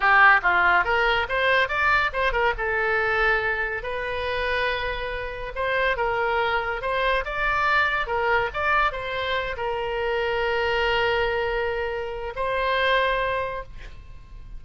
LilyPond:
\new Staff \with { instrumentName = "oboe" } { \time 4/4 \tempo 4 = 141 g'4 f'4 ais'4 c''4 | d''4 c''8 ais'8 a'2~ | a'4 b'2.~ | b'4 c''4 ais'2 |
c''4 d''2 ais'4 | d''4 c''4. ais'4.~ | ais'1~ | ais'4 c''2. | }